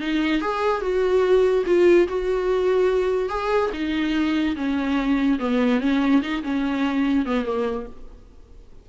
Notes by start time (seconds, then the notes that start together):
0.00 D#4
0.41 G#4
0.81 F#4
1.66 F4
2.07 F#4
3.29 G#4
3.73 D#4
4.56 C#4
5.39 B3
5.80 C#4
6.22 D#4
6.43 C#4
7.25 B3
7.45 A#3